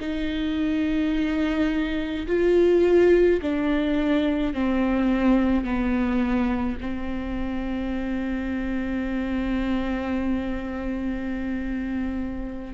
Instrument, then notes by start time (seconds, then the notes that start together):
viola
0.00 D#4
2.27 F4
3.42 D4
4.54 C4
5.64 B3
6.81 C4